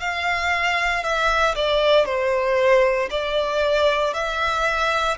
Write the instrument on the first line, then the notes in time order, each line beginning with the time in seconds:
violin
0.00 F5
1.03 E5
1.55 D5
2.05 C5
3.10 D5
4.14 E5